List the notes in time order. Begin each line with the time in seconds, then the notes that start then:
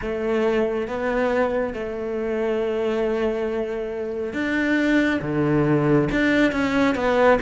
0.01 A3
0.87 B3
1.74 A3
4.33 D4
5.21 D3
6.11 D4
6.52 C#4
6.95 B3